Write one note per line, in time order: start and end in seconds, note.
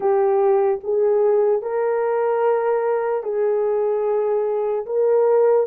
0.00 0.80 G4
0.83 1.61 G#4
1.61 3.23 A#4
3.23 4.85 G#4
4.86 5.66 A#4